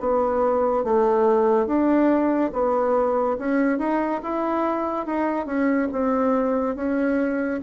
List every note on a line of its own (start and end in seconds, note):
0.00 0.84 B3
0.84 1.67 A3
1.67 2.51 D4
2.53 3.37 B3
3.38 3.79 C#4
3.79 4.21 D#4
4.23 5.06 E4
5.06 5.46 D#4
5.46 5.88 C#4
5.92 6.76 C4
6.76 7.60 C#4